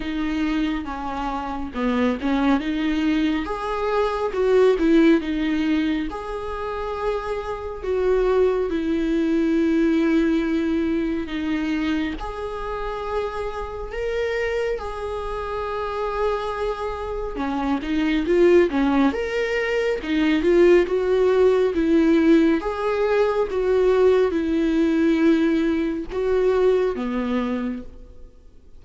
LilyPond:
\new Staff \with { instrumentName = "viola" } { \time 4/4 \tempo 4 = 69 dis'4 cis'4 b8 cis'8 dis'4 | gis'4 fis'8 e'8 dis'4 gis'4~ | gis'4 fis'4 e'2~ | e'4 dis'4 gis'2 |
ais'4 gis'2. | cis'8 dis'8 f'8 cis'8 ais'4 dis'8 f'8 | fis'4 e'4 gis'4 fis'4 | e'2 fis'4 b4 | }